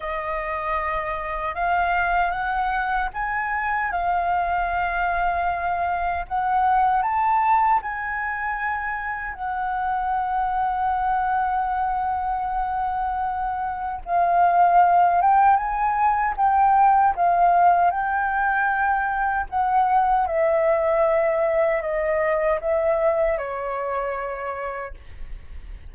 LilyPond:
\new Staff \with { instrumentName = "flute" } { \time 4/4 \tempo 4 = 77 dis''2 f''4 fis''4 | gis''4 f''2. | fis''4 a''4 gis''2 | fis''1~ |
fis''2 f''4. g''8 | gis''4 g''4 f''4 g''4~ | g''4 fis''4 e''2 | dis''4 e''4 cis''2 | }